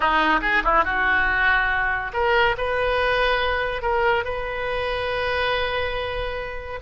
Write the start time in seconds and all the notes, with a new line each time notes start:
0.00 D#4
0.41 G#4
0.64 E4
0.84 F#4
2.13 A#4
2.57 B4
3.81 A#4
4.24 B4